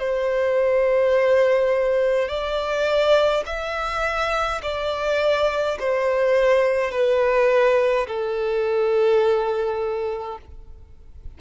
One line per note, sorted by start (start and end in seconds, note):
0.00 2.29 C5
2.29 3.44 D5
3.46 4.62 E5
4.63 5.78 D5
5.80 6.92 C5
6.92 8.07 B4
8.08 10.38 A4